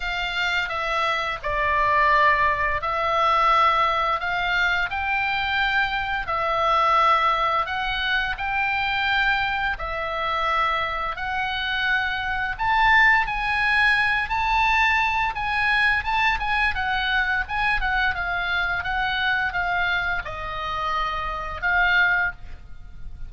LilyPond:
\new Staff \with { instrumentName = "oboe" } { \time 4/4 \tempo 4 = 86 f''4 e''4 d''2 | e''2 f''4 g''4~ | g''4 e''2 fis''4 | g''2 e''2 |
fis''2 a''4 gis''4~ | gis''8 a''4. gis''4 a''8 gis''8 | fis''4 gis''8 fis''8 f''4 fis''4 | f''4 dis''2 f''4 | }